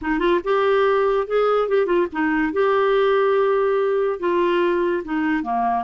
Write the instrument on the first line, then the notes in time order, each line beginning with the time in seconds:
clarinet
0.01 D#4
0.19 F4
0.44 G4
1.27 G#4
1.68 G4
1.86 F4
2.12 D#4
2.52 G4
4.19 F4
5.04 D#4
5.43 A#3